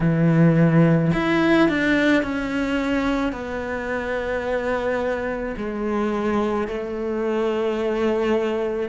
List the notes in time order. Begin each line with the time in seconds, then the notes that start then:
0.00 E3
1.13 E4
1.68 D4
2.22 C#4
3.32 B3
5.57 G#3
6.67 A3